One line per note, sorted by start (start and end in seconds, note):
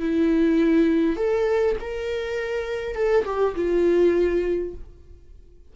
0.00 1.17 E4
1.17 1.76 A4
1.80 2.95 A#4
2.95 3.25 A4
3.25 3.55 G4
3.55 4.74 F4